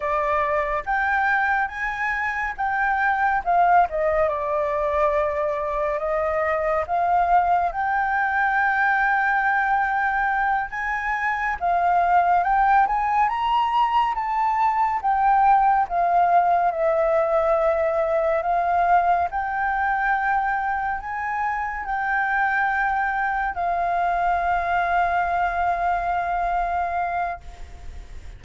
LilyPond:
\new Staff \with { instrumentName = "flute" } { \time 4/4 \tempo 4 = 70 d''4 g''4 gis''4 g''4 | f''8 dis''8 d''2 dis''4 | f''4 g''2.~ | g''8 gis''4 f''4 g''8 gis''8 ais''8~ |
ais''8 a''4 g''4 f''4 e''8~ | e''4. f''4 g''4.~ | g''8 gis''4 g''2 f''8~ | f''1 | }